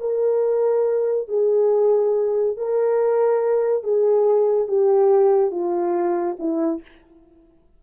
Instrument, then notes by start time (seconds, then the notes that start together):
horn
0.00 A#4
1.28 G#4
2.56 A#4
3.83 G#4
4.67 G4
5.51 F4
6.39 E4